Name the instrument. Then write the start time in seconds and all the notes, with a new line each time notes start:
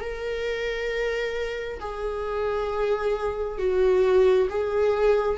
viola
0.00 A#4
1.80 G#4
3.58 F#4
4.49 G#4